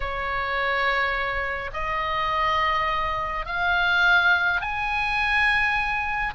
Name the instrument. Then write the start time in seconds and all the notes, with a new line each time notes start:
oboe
0.00 C#5
1.73 D#5
3.46 F5
4.60 G#5